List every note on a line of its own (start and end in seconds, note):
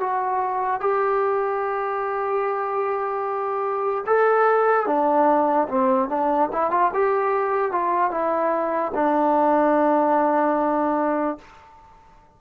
0.00 0.80 F#4
0.80 4.05 G4
4.07 4.86 A4
4.86 5.68 D4
5.68 6.09 C4
6.09 6.49 D4
6.52 6.71 E4
6.71 6.91 F4
6.93 7.72 G4
7.72 8.11 F4
8.11 8.92 E4
8.94 11.38 D4